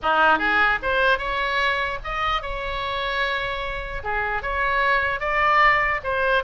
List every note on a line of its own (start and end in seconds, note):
0.02 0.38 D#4
0.38 0.78 G#4
0.82 1.18 C5
1.18 1.99 C#5
2.04 2.41 D#5
2.41 4.02 C#5
4.03 4.42 G#4
4.42 5.20 C#5
5.20 6.00 D5
6.03 6.43 C5